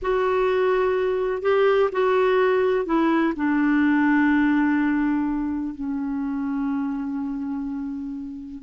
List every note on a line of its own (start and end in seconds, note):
0.02 1.42 F#4
1.42 1.90 G4
1.92 2.85 F#4
2.85 3.33 E4
3.36 5.75 D4
5.75 8.62 C#4